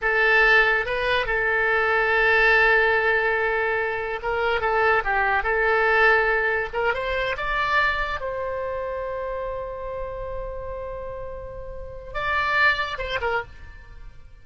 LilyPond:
\new Staff \with { instrumentName = "oboe" } { \time 4/4 \tempo 4 = 143 a'2 b'4 a'4~ | a'1~ | a'2 ais'4 a'4 | g'4 a'2. |
ais'8 c''4 d''2 c''8~ | c''1~ | c''1~ | c''4 d''2 c''8 ais'8 | }